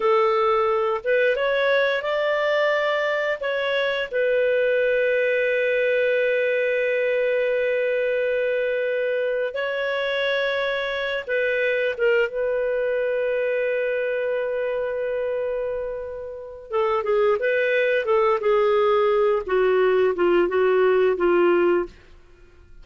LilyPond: \new Staff \with { instrumentName = "clarinet" } { \time 4/4 \tempo 4 = 88 a'4. b'8 cis''4 d''4~ | d''4 cis''4 b'2~ | b'1~ | b'2 cis''2~ |
cis''8 b'4 ais'8 b'2~ | b'1~ | b'8 a'8 gis'8 b'4 a'8 gis'4~ | gis'8 fis'4 f'8 fis'4 f'4 | }